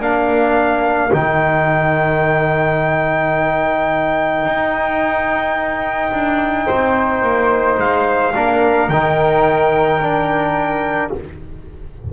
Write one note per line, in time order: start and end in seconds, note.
0.00 1.11 A#3
0.00 1.11 D4
0.00 6.66 A#4
0.00 1.14 F5
1.13 4.46 D#3
1.13 8.35 D#4
1.13 7.80 G5
4.46 6.12 D#4
6.13 6.68 D4
6.66 7.23 C4
6.66 8.33 C5
7.23 7.78 A#3
7.79 8.34 G#3
7.79 8.90 F5
8.35 8.89 A#3
8.35 8.90 D4
8.35 11.13 A#4
8.89 11.11 D#3
8.89 10.02 D#4
8.89 11.12 G5
10.02 11.13 D4